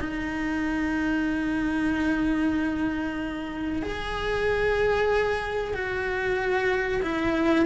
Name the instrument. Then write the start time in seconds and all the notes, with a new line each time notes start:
cello
0.00 D#4
3.82 G#4
5.74 F#4
7.02 E4